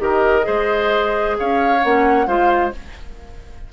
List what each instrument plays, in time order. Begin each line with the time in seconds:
0.00 bassoon D#3, clarinet G4, oboe A#4, flute D#5
0.42 bassoon G#3, clarinet G#4, oboe C5
1.39 bassoon C#4, oboe C#5, flute F5
1.84 bassoon A#3, clarinet C#4, flute F#5
2.26 bassoon G#3, clarinet F4, oboe C5, flute F5